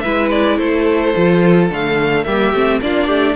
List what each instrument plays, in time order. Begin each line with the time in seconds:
0.00 cello G#3, viola E4, violin B4 E5
0.30 violin D5
0.57 cello A3, violin A4 C5
1.16 cello F3, viola F4
1.70 cello D3, viola A3, violin F5
2.24 cello G3, viola A#3, violin G4 E5
2.53 cello A3, viola C4
2.81 cello A#3, viola D4, violin F4 D5
3.07 cello A3, violin G4